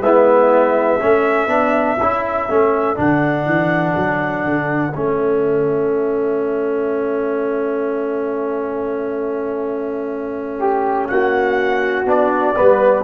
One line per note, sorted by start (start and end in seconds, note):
0.00 0.98 G#3
0.00 1.01 B3
0.00 1.02 E4
0.00 2.98 E5
1.01 1.48 A3
1.01 1.48 C#4
1.01 10.59 A4
1.48 1.97 B3
1.48 1.98 D4
2.00 2.49 C#4
2.00 2.49 E4
2.49 2.99 A3
2.49 2.96 C#4
2.96 3.46 D3
2.96 4.93 D4
2.96 4.95 F#5
3.46 3.95 E3
3.97 4.45 F#3
4.45 4.94 D3
4.95 11.11 A3
4.95 12.07 C#4
4.95 11.08 E5
10.59 11.09 G4
11.08 12.06 A#3
11.08 12.56 F#4
11.08 12.06 F#5
12.06 12.55 B3
12.06 12.56 D4
12.06 13.04 D5
12.56 13.04 G3
12.56 13.04 B3
12.56 13.04 B4